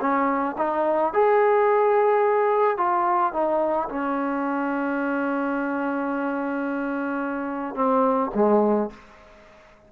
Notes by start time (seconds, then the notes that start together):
0.00 C#4
0.57 D#4
1.13 G#4
2.77 F4
3.33 D#4
3.89 C#4
7.75 C4
8.35 G#3